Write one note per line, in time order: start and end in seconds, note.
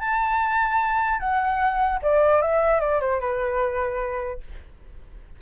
0.00 1.20 A5
1.20 2.00 F#5
2.03 2.42 D5
2.42 2.80 E5
2.80 3.00 D5
3.00 3.20 C5
3.20 4.40 B4